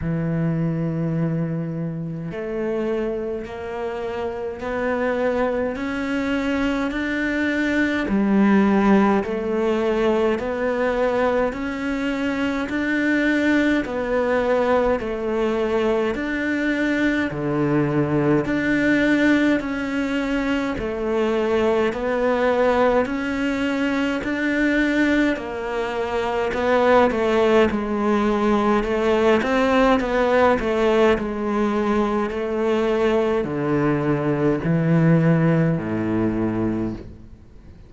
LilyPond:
\new Staff \with { instrumentName = "cello" } { \time 4/4 \tempo 4 = 52 e2 a4 ais4 | b4 cis'4 d'4 g4 | a4 b4 cis'4 d'4 | b4 a4 d'4 d4 |
d'4 cis'4 a4 b4 | cis'4 d'4 ais4 b8 a8 | gis4 a8 c'8 b8 a8 gis4 | a4 d4 e4 a,4 | }